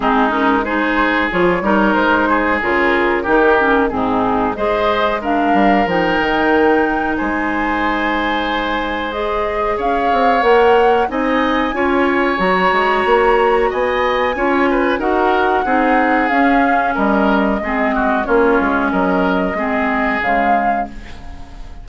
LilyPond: <<
  \new Staff \with { instrumentName = "flute" } { \time 4/4 \tempo 4 = 92 gis'8 ais'8 c''4 cis''4 c''4 | ais'2 gis'4 dis''4 | f''4 g''2 gis''4~ | gis''2 dis''4 f''4 |
fis''4 gis''2 ais''4~ | ais''4 gis''2 fis''4~ | fis''4 f''4 dis''2 | cis''4 dis''2 f''4 | }
  \new Staff \with { instrumentName = "oboe" } { \time 4/4 dis'4 gis'4. ais'4 gis'8~ | gis'4 g'4 dis'4 c''4 | ais'2. c''4~ | c''2. cis''4~ |
cis''4 dis''4 cis''2~ | cis''4 dis''4 cis''8 b'8 ais'4 | gis'2 ais'4 gis'8 fis'8 | f'4 ais'4 gis'2 | }
  \new Staff \with { instrumentName = "clarinet" } { \time 4/4 c'8 cis'8 dis'4 f'8 dis'4. | f'4 dis'8 cis'8 c'4 gis'4 | d'4 dis'2.~ | dis'2 gis'2 |
ais'4 dis'4 f'4 fis'4~ | fis'2 f'4 fis'4 | dis'4 cis'2 c'4 | cis'2 c'4 gis4 | }
  \new Staff \with { instrumentName = "bassoon" } { \time 4/4 gis2 f8 g8 gis4 | cis4 dis4 gis,4 gis4~ | gis8 g8 f8 dis4. gis4~ | gis2. cis'8 c'8 |
ais4 c'4 cis'4 fis8 gis8 | ais4 b4 cis'4 dis'4 | c'4 cis'4 g4 gis4 | ais8 gis8 fis4 gis4 cis4 | }
>>